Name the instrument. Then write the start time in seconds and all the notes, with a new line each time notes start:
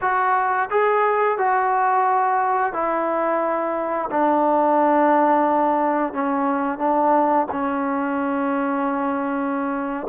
trombone
0.01 F#4
0.70 G#4
1.38 F#4
2.73 E4
4.11 D4
6.13 C#4
6.78 D4
7.51 C#4